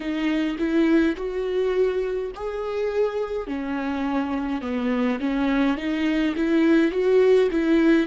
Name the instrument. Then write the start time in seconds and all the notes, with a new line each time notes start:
viola
0.00 D#4
0.58 E4
1.16 F#4
2.35 G#4
3.47 C#4
4.61 B3
5.20 C#4
5.77 D#4
6.36 E4
6.91 F#4
7.51 E4